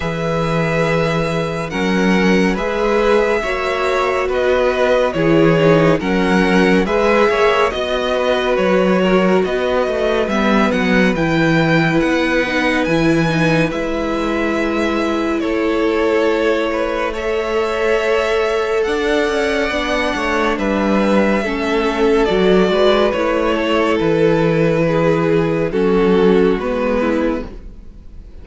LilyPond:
<<
  \new Staff \with { instrumentName = "violin" } { \time 4/4 \tempo 4 = 70 e''2 fis''4 e''4~ | e''4 dis''4 cis''4 fis''4 | e''4 dis''4 cis''4 dis''4 | e''8 fis''8 g''4 fis''4 gis''4 |
e''2 cis''2 | e''2 fis''2 | e''2 d''4 cis''4 | b'2 a'4 b'4 | }
  \new Staff \with { instrumentName = "violin" } { \time 4/4 b'2 ais'4 b'4 | cis''4 b'4 gis'4 ais'4 | b'8 cis''8 dis''8 b'4 ais'8 b'4~ | b'1~ |
b'2 a'4. b'8 | cis''2 d''4. cis''8 | b'4 a'4. b'4 a'8~ | a'4 gis'4 fis'4. e'8 | }
  \new Staff \with { instrumentName = "viola" } { \time 4/4 gis'2 cis'4 gis'4 | fis'2 e'8 dis'8 cis'4 | gis'4 fis'2. | b4 e'4. dis'8 e'8 dis'8 |
e'1 | a'2. d'4~ | d'4 cis'4 fis'4 e'4~ | e'2 cis'4 b4 | }
  \new Staff \with { instrumentName = "cello" } { \time 4/4 e2 fis4 gis4 | ais4 b4 e4 fis4 | gis8 ais8 b4 fis4 b8 a8 | g8 fis8 e4 b4 e4 |
gis2 a2~ | a2 d'8 cis'8 b8 a8 | g4 a4 fis8 gis8 a4 | e2 fis4 gis4 | }
>>